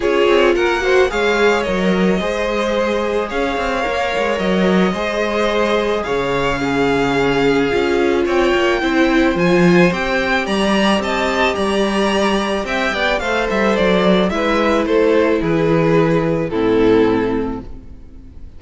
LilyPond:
<<
  \new Staff \with { instrumentName = "violin" } { \time 4/4 \tempo 4 = 109 cis''4 fis''4 f''4 dis''4~ | dis''2 f''2 | dis''2. f''4~ | f''2. g''4~ |
g''4 gis''4 g''4 ais''4 | a''4 ais''2 g''4 | f''8 e''8 d''4 e''4 c''4 | b'2 a'2 | }
  \new Staff \with { instrumentName = "violin" } { \time 4/4 gis'4 ais'8 c''8 cis''2 | c''2 cis''2~ | cis''4 c''2 cis''4 | gis'2. cis''4 |
c''2. d''4 | dis''4 d''2 e''8 d''8 | c''2 b'4 a'4 | gis'2 e'2 | }
  \new Staff \with { instrumentName = "viola" } { \time 4/4 f'4. fis'8 gis'4 ais'4 | gis'2. ais'4~ | ais'4 gis'2. | cis'2 f'2 |
e'4 f'4 g'2~ | g'1 | a'2 e'2~ | e'2 c'2 | }
  \new Staff \with { instrumentName = "cello" } { \time 4/4 cis'8 c'8 ais4 gis4 fis4 | gis2 cis'8 c'8 ais8 gis8 | fis4 gis2 cis4~ | cis2 cis'4 c'8 ais8 |
c'4 f4 c'4 g4 | c'4 g2 c'8 b8 | a8 g8 fis4 gis4 a4 | e2 a,2 | }
>>